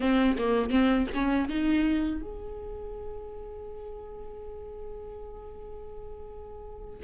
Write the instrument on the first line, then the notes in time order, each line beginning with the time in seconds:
viola
0.00 C4
0.38 A#3
0.69 C4
1.13 C#4
1.48 D#4
2.21 G#4